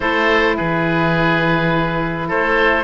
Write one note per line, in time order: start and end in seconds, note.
0.00 0.57 A3
0.00 2.83 E4
0.00 0.56 A4
0.00 0.56 C5
0.56 2.30 E3
0.56 2.28 G#4
0.56 2.29 B4
2.28 2.84 A3
2.28 2.84 A4
2.28 2.84 C5